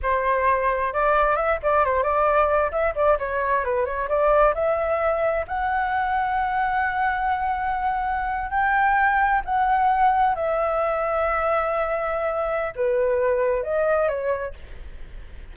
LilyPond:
\new Staff \with { instrumentName = "flute" } { \time 4/4 \tempo 4 = 132 c''2 d''4 e''8 d''8 | c''8 d''4. e''8 d''8 cis''4 | b'8 cis''8 d''4 e''2 | fis''1~ |
fis''2~ fis''8. g''4~ g''16~ | g''8. fis''2 e''4~ e''16~ | e''1 | b'2 dis''4 cis''4 | }